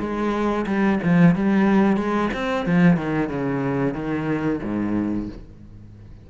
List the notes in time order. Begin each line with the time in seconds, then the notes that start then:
0.00 G#3
0.67 G3
1.03 F3
1.35 G3
1.97 G#3
2.34 C4
2.66 F3
2.97 D#3
3.29 C#3
3.94 D#3
4.63 G#2